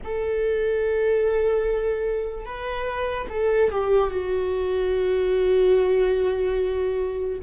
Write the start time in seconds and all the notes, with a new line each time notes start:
0.04 A4
2.45 B4
3.29 A4
3.70 G4
4.10 F#4